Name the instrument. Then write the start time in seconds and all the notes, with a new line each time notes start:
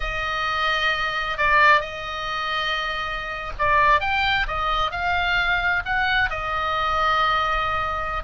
oboe
0.00 D#5
1.37 D5
1.80 D#5
3.58 D5
4.00 G5
4.47 D#5
4.91 F5
5.85 F#5
6.30 D#5